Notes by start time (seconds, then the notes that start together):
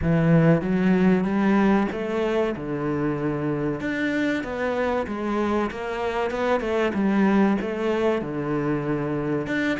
0.01 E3
0.61 F#3
1.24 G3
1.91 A3
2.56 D3
3.80 D4
4.43 B3
5.07 G#3
5.70 A#3
6.30 B3
6.60 A3
6.94 G3
7.61 A3
8.21 D3
9.47 D4